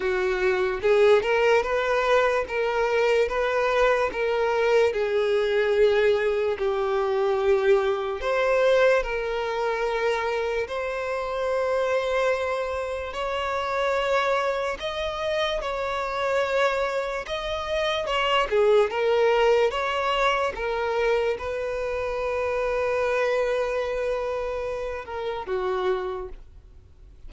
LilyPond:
\new Staff \with { instrumentName = "violin" } { \time 4/4 \tempo 4 = 73 fis'4 gis'8 ais'8 b'4 ais'4 | b'4 ais'4 gis'2 | g'2 c''4 ais'4~ | ais'4 c''2. |
cis''2 dis''4 cis''4~ | cis''4 dis''4 cis''8 gis'8 ais'4 | cis''4 ais'4 b'2~ | b'2~ b'8 ais'8 fis'4 | }